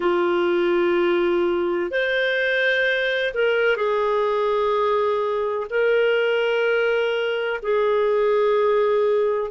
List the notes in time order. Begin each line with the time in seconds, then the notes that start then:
0.00 F4
1.90 C5
3.33 A#4
3.76 G#4
5.69 A#4
7.62 G#4